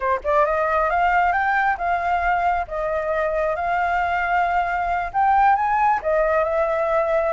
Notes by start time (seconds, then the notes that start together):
0.00 C5
0.24 D5
0.45 D#5
0.90 F5
1.32 G5
1.77 F5
2.67 D#5
3.55 F5
5.13 G5
5.55 G#5
6.02 D#5
6.44 E5